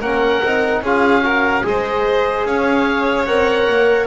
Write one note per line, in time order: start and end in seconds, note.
0.00 0.42 A#3
0.00 0.43 C#4
0.00 0.81 A#4
0.00 0.83 F#5
0.42 0.81 C4
0.42 0.85 D#4
0.81 1.62 C#4
0.81 1.22 F4
0.81 1.24 G#4
0.81 1.66 F5
1.22 1.62 F#4
1.22 1.65 A#4
1.63 2.45 G#3
1.63 3.25 G#4
1.63 2.47 C5
1.63 2.46 D#5
2.45 3.26 C#4
2.45 4.07 C#5
2.45 3.26 F5
3.26 3.67 C4
3.26 4.07 A#4
3.26 4.07 F#5
3.68 4.07 A#3